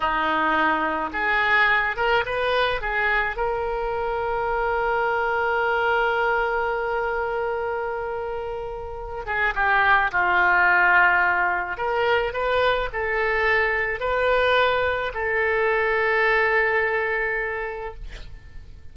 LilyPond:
\new Staff \with { instrumentName = "oboe" } { \time 4/4 \tempo 4 = 107 dis'2 gis'4. ais'8 | b'4 gis'4 ais'2~ | ais'1~ | ais'1~ |
ais'8 gis'8 g'4 f'2~ | f'4 ais'4 b'4 a'4~ | a'4 b'2 a'4~ | a'1 | }